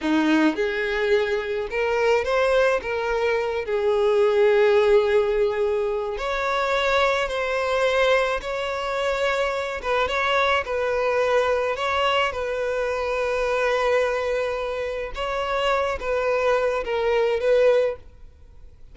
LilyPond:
\new Staff \with { instrumentName = "violin" } { \time 4/4 \tempo 4 = 107 dis'4 gis'2 ais'4 | c''4 ais'4. gis'4.~ | gis'2. cis''4~ | cis''4 c''2 cis''4~ |
cis''4. b'8 cis''4 b'4~ | b'4 cis''4 b'2~ | b'2. cis''4~ | cis''8 b'4. ais'4 b'4 | }